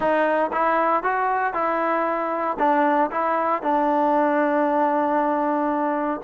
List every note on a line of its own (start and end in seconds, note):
0.00 0.50 D#4
0.52 1.03 E4
1.03 1.53 F#4
1.53 2.57 E4
2.58 3.10 D4
3.11 3.62 E4
3.62 6.20 D4